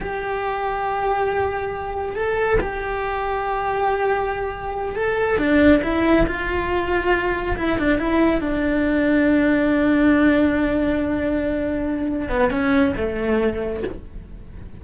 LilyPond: \new Staff \with { instrumentName = "cello" } { \time 4/4 \tempo 4 = 139 g'1~ | g'4 a'4 g'2~ | g'2.~ g'8 a'8~ | a'8 d'4 e'4 f'4.~ |
f'4. e'8 d'8 e'4 d'8~ | d'1~ | d'1~ | d'8 b8 cis'4 a2 | }